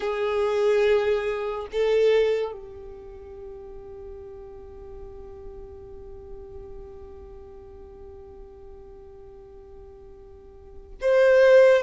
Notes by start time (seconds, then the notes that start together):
0.00 G#4
1.72 A4
2.52 G4
11.01 C5